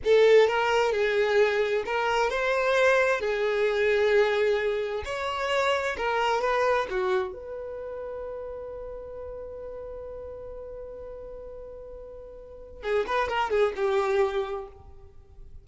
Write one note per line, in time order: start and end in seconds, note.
0.04 0.47 A4
0.47 0.92 A#4
0.92 1.83 G#4
1.85 2.29 A#4
2.29 3.20 C5
3.20 5.03 G#4
5.04 5.96 C#5
5.97 6.41 A#4
6.41 6.87 B4
6.90 7.33 F#4
7.33 12.82 B4
12.82 13.05 G#4
13.06 13.28 B4
13.28 13.50 A#4
13.50 13.73 G#4
13.76 14.67 G4